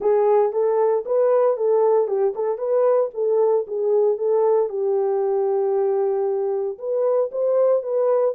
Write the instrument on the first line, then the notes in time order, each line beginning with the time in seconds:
horn
0.00 G#4
0.52 A4
1.05 B4
1.57 A4
2.07 G4
2.35 A4
2.58 B4
3.14 A4
3.67 G#4
4.17 A4
4.69 G4
6.78 B4
7.31 C5
7.82 B4